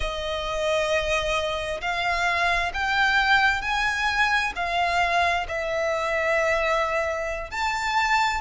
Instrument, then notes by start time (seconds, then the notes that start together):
violin
0.00 D#5
1.81 F5
2.73 G5
3.61 G#5
4.55 F5
5.48 E5
7.50 A5